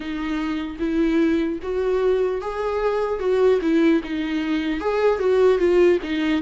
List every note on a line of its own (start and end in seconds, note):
0.00 0.76 D#4
0.79 1.59 E4
1.62 2.41 F#4
2.41 3.19 G#4
3.19 3.59 F#4
3.61 4.01 E4
4.03 4.80 D#4
4.80 5.19 G#4
5.19 5.58 F#4
5.58 5.98 F4
6.03 6.41 D#4